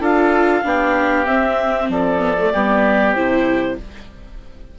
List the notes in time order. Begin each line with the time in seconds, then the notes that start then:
0.00 D4 F4 A4 F5
0.63 B3 D4 G4
1.26 C4 E5
1.89 F3 A4 D5
2.19 B3
2.39 A3
2.53 G3 B3 G4
3.14 C3 E4 C5